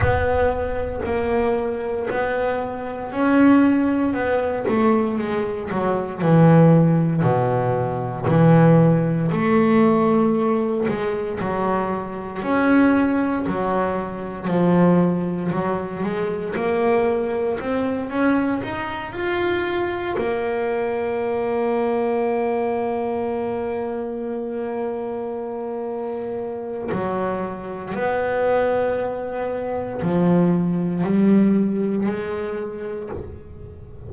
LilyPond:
\new Staff \with { instrumentName = "double bass" } { \time 4/4 \tempo 4 = 58 b4 ais4 b4 cis'4 | b8 a8 gis8 fis8 e4 b,4 | e4 a4. gis8 fis4 | cis'4 fis4 f4 fis8 gis8 |
ais4 c'8 cis'8 dis'8 f'4 ais8~ | ais1~ | ais2 fis4 b4~ | b4 f4 g4 gis4 | }